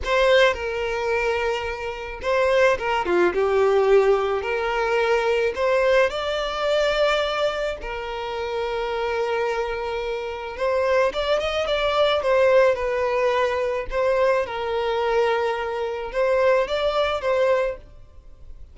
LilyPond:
\new Staff \with { instrumentName = "violin" } { \time 4/4 \tempo 4 = 108 c''4 ais'2. | c''4 ais'8 f'8 g'2 | ais'2 c''4 d''4~ | d''2 ais'2~ |
ais'2. c''4 | d''8 dis''8 d''4 c''4 b'4~ | b'4 c''4 ais'2~ | ais'4 c''4 d''4 c''4 | }